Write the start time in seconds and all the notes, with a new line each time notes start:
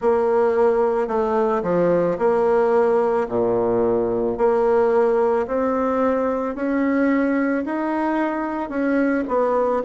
0.01 A#3
1.07 A3
1.63 F3
2.18 A#3
3.28 A#2
4.37 A#3
5.47 C4
6.55 C#4
7.65 D#4
8.69 C#4
9.28 B3